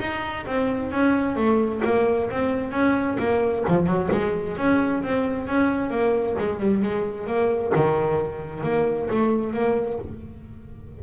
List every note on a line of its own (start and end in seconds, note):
0.00 0.45 D#4
0.46 0.92 C4
0.92 1.36 C#4
1.36 1.81 A3
1.84 2.30 A#3
2.30 2.72 C4
2.72 3.17 C#4
3.19 3.64 A#3
3.68 3.86 F3
3.86 4.09 F#3
4.12 4.57 G#3
4.57 5.03 C#4
5.03 5.47 C4
5.47 5.90 C#4
5.90 6.36 A#3
6.38 6.60 G#3
6.60 6.82 G3
6.82 7.27 G#3
7.27 7.72 A#3
7.75 8.63 D#3
8.63 9.09 A#3
9.10 9.53 A3
9.53 9.99 A#3